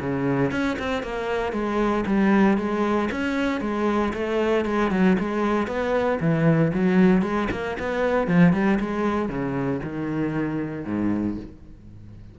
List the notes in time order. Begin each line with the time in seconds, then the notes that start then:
0.00 C#3
0.51 C#4
0.79 C4
1.03 A#3
1.52 G#3
2.06 G3
2.57 G#3
3.11 C#4
3.61 G#3
4.13 A3
4.65 G#3
4.91 F#3
5.19 G#3
5.67 B3
6.20 E3
6.74 F#3
7.22 G#3
7.51 A#3
7.79 B3
8.27 F3
8.53 G3
8.80 G#3
9.29 C#3
9.83 D#3
10.85 G#2